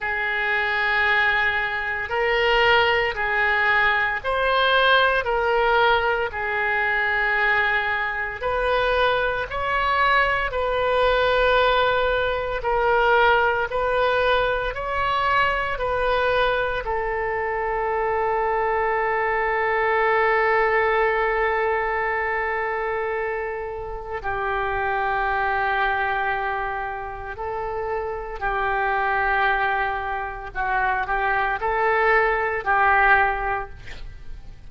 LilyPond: \new Staff \with { instrumentName = "oboe" } { \time 4/4 \tempo 4 = 57 gis'2 ais'4 gis'4 | c''4 ais'4 gis'2 | b'4 cis''4 b'2 | ais'4 b'4 cis''4 b'4 |
a'1~ | a'2. g'4~ | g'2 a'4 g'4~ | g'4 fis'8 g'8 a'4 g'4 | }